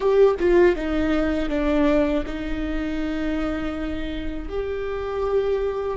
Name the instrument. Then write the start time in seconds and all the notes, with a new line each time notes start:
viola
0.00 G4
0.39 F4
0.75 D#4
1.49 D4
2.26 D#4
4.48 G4